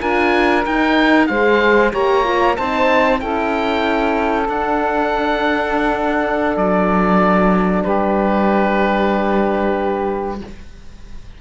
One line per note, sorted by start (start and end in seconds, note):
0.00 0.66 D4
0.00 0.64 F4
0.00 1.28 A#4
0.00 0.65 G#5
0.66 1.30 D#4
0.66 1.29 D#4
0.66 1.27 G5
1.27 1.94 G#3
1.27 1.93 G#4
1.27 1.92 C5
1.27 1.91 F5
1.92 2.58 A#3
1.92 2.25 G4
1.92 2.56 C#5
1.92 2.57 A#5
2.25 2.57 F4
2.57 3.22 C4
2.57 3.19 D#4
2.57 3.21 C5
2.57 3.21 A5
3.19 4.49 C#4
3.19 4.47 E4
3.19 7.84 A4
3.19 4.48 G5
4.49 6.56 D4
4.49 10.40 D4
4.49 6.57 F#5
6.57 7.85 F#3
6.57 7.84 D5
7.84 10.41 G3
7.84 10.39 G4
7.84 10.39 B4